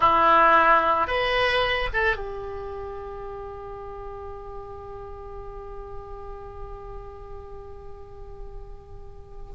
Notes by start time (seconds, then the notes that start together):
0.00 E4
1.07 B4
1.93 A4
2.15 G4